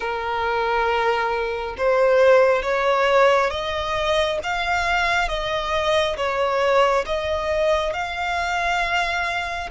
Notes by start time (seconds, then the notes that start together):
0.00 A#4
1.77 C5
2.62 C#5
3.50 D#5
4.43 F5
5.28 D#5
6.16 C#5
7.06 D#5
7.93 F5